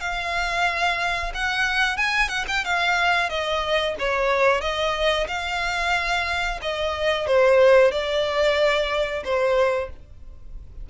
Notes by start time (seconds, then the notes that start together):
0.00 F5
1.34 F#5
1.97 G#5
2.28 F#5
2.48 G5
2.64 F5
3.29 D#5
3.99 C#5
4.61 D#5
5.27 F5
6.62 D#5
7.27 C5
7.91 D5
9.24 C5